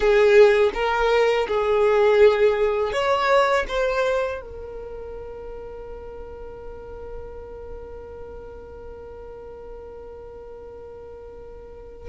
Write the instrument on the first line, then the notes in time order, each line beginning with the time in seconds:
violin
0.00 G#4
0.74 A#4
1.47 G#4
2.92 C#5
3.68 C5
4.41 A#4